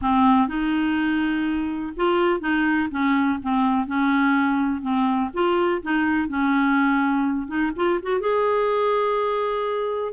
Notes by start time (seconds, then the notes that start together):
0.01 C4
0.48 D#4
1.96 F4
2.40 D#4
2.90 C#4
3.42 C4
3.86 C#4
4.81 C4
5.33 F4
5.82 D#4
6.28 C#4
7.47 D#4
7.76 F4
8.02 F#4
8.20 G#4